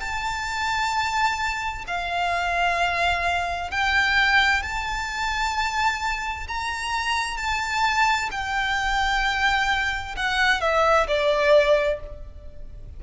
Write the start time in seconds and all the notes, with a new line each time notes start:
0.00 A5
1.87 F5
3.70 G5
4.62 A5
6.48 A#5
7.37 A5
8.31 G5
10.16 F#5
10.61 E5
11.07 D5